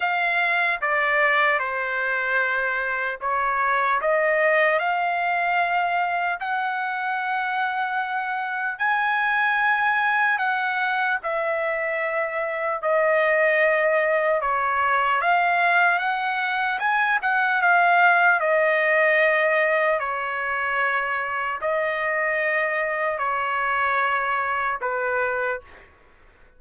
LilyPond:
\new Staff \with { instrumentName = "trumpet" } { \time 4/4 \tempo 4 = 75 f''4 d''4 c''2 | cis''4 dis''4 f''2 | fis''2. gis''4~ | gis''4 fis''4 e''2 |
dis''2 cis''4 f''4 | fis''4 gis''8 fis''8 f''4 dis''4~ | dis''4 cis''2 dis''4~ | dis''4 cis''2 b'4 | }